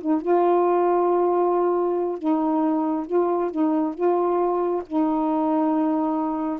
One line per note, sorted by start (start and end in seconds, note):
0.00 0.21 D#4
0.21 2.18 F4
2.18 3.06 D#4
3.06 3.51 F4
3.51 3.94 D#4
3.94 4.82 F4
4.86 6.59 D#4